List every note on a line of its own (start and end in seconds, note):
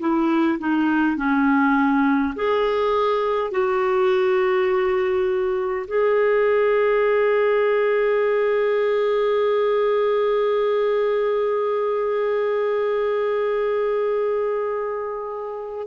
0.00 0.59 E4
0.59 1.17 D#4
1.17 2.35 C#4
2.36 3.51 G#4
3.51 5.87 F#4
5.88 15.88 G#4